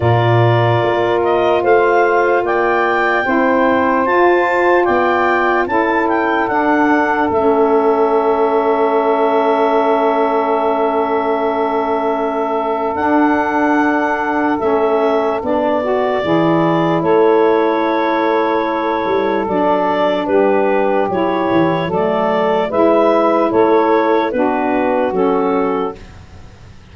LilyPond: <<
  \new Staff \with { instrumentName = "clarinet" } { \time 4/4 \tempo 4 = 74 d''4. dis''8 f''4 g''4~ | g''4 a''4 g''4 a''8 g''8 | fis''4 e''2.~ | e''1 |
fis''2 e''4 d''4~ | d''4 cis''2. | d''4 b'4 cis''4 d''4 | e''4 cis''4 b'4 a'4 | }
  \new Staff \with { instrumentName = "saxophone" } { \time 4/4 ais'2 c''4 d''4 | c''2 d''4 a'4~ | a'1~ | a'1~ |
a'1 | gis'4 a'2.~ | a'4 g'2 a'4 | b'4 a'4 fis'2 | }
  \new Staff \with { instrumentName = "saxophone" } { \time 4/4 f'1 | e'4 f'2 e'4 | d'4 cis'2.~ | cis'1 |
d'2 cis'4 d'8 fis'8 | e'1 | d'2 e'4 a4 | e'2 d'4 cis'4 | }
  \new Staff \with { instrumentName = "tuba" } { \time 4/4 ais,4 ais4 a4 ais4 | c'4 f'4 b4 cis'4 | d'4 a2.~ | a1 |
d'2 a4 b4 | e4 a2~ a8 g8 | fis4 g4 fis8 e8 fis4 | gis4 a4 b4 fis4 | }
>>